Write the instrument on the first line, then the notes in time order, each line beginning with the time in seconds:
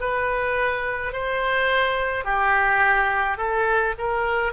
oboe
0.00 B4
1.13 C5
2.24 G4
3.37 A4
3.98 A#4